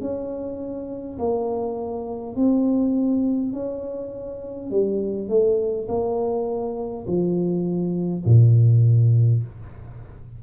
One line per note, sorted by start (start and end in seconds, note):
0.00 1.18 C#4
1.18 2.35 A#3
2.35 3.52 C4
3.52 4.70 C#4
4.70 5.28 G3
5.28 5.87 A3
5.88 7.05 A#3
7.06 8.24 F3
8.25 9.42 A#2